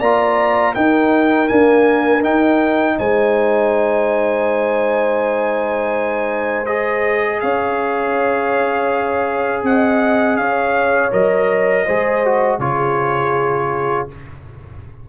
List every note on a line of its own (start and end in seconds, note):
0.00 0.75 A#3
0.00 0.75 F4
0.00 0.74 D5
0.00 0.74 A#5
0.75 1.49 D#4
0.75 1.50 D#4
0.75 2.97 A#4
0.75 1.48 G5
1.48 2.22 A#3
1.48 2.24 D4
1.48 2.23 G#5
2.22 6.67 D#4
2.22 2.98 D#4
2.22 2.98 G5
2.98 7.43 G#3
2.98 7.42 C5
2.98 6.66 G#5
6.66 11.11 G#4
6.66 7.40 D#5
7.41 9.63 C#4
7.41 9.65 C#5
7.41 9.63 F5
9.63 10.37 C4
9.63 10.40 D#5
9.63 10.37 F#5
10.37 11.11 C#4
10.37 11.85 C#5
10.37 11.11 F5
11.11 11.87 F#3
11.11 11.85 A#4
11.11 12.60 D#5
11.85 12.59 G#3
11.85 12.25 G#4
11.85 12.60 C5
12.25 12.61 F#4
12.59 14.07 C#3
12.59 14.09 F4
12.59 14.09 G#4
12.59 14.08 C#5